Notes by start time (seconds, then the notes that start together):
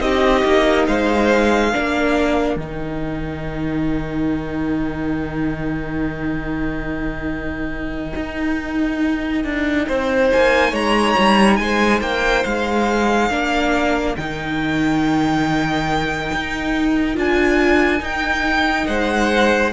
0.00 C4 D#4 G4 D#5
0.45 A#3
0.87 G#3 C5 F5
1.71 D4 A#4
1.77 A#3
2.56 D#3 D#4 G5
8.16 D#4
9.45 D4
9.88 C4 C5
10.32 A#3 G#5
10.71 G#3 C#5 A#5
11.19 G3
11.57 G#3 C5 G#5
12.02 A#3 G5
12.45 G#3 F5
13.31 A#3 D4 A#4
14.17 D#3 D#4 G5
16.33 D#4
17.15 D4 F4 G#5
17.99 D#4 G5
18.87 G#3 C5 F#5